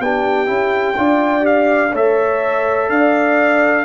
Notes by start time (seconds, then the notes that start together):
0.00 B3 D4 G4 G5
0.47 C#4 E4
0.97 D4 F4 D5
1.41 G4 F5
1.92 A3 A4 C#5 E5
2.90 D4 D5 F5